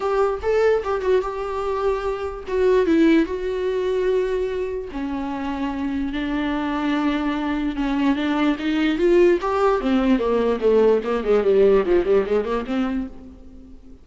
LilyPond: \new Staff \with { instrumentName = "viola" } { \time 4/4 \tempo 4 = 147 g'4 a'4 g'8 fis'8 g'4~ | g'2 fis'4 e'4 | fis'1 | cis'2. d'4~ |
d'2. cis'4 | d'4 dis'4 f'4 g'4 | c'4 ais4 a4 ais8 gis8 | g4 f8 g8 gis8 ais8 c'4 | }